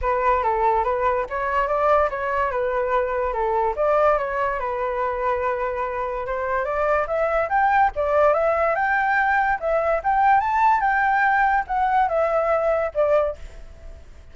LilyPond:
\new Staff \with { instrumentName = "flute" } { \time 4/4 \tempo 4 = 144 b'4 a'4 b'4 cis''4 | d''4 cis''4 b'2 | a'4 d''4 cis''4 b'4~ | b'2. c''4 |
d''4 e''4 g''4 d''4 | e''4 g''2 e''4 | g''4 a''4 g''2 | fis''4 e''2 d''4 | }